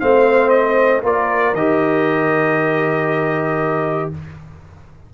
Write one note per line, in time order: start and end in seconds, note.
0.00 1.04 A3
0.00 1.03 C4
0.00 1.04 C5
0.00 0.50 F5
0.50 1.01 D#5
1.04 1.54 A#3
1.04 1.55 F4
1.04 4.12 A#4
1.04 1.55 D5
1.54 4.10 D#3
1.54 4.14 G4
1.54 4.11 D#5